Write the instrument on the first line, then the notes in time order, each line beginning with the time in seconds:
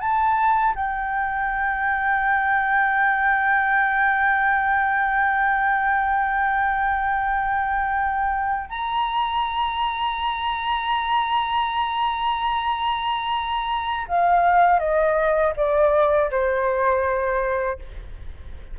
flute
0.00 A5
0.75 G5
8.69 A#5
14.08 F5
14.79 D#5
15.56 D5
16.31 C5